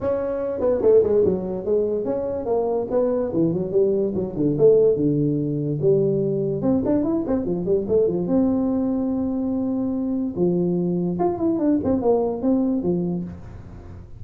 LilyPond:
\new Staff \with { instrumentName = "tuba" } { \time 4/4 \tempo 4 = 145 cis'4. b8 a8 gis8 fis4 | gis4 cis'4 ais4 b4 | e8 fis8 g4 fis8 d8 a4 | d2 g2 |
c'8 d'8 e'8 c'8 f8 g8 a8 f8 | c'1~ | c'4 f2 f'8 e'8 | d'8 c'8 ais4 c'4 f4 | }